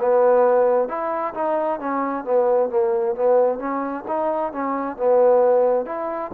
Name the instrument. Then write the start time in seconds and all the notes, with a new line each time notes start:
trombone
0.00 B3
0.88 E4
1.34 D#4
1.80 C#4
2.25 B3
2.70 A#3
3.15 B3
3.59 C#4
4.08 D#4
4.52 C#4
4.97 B3
5.86 E4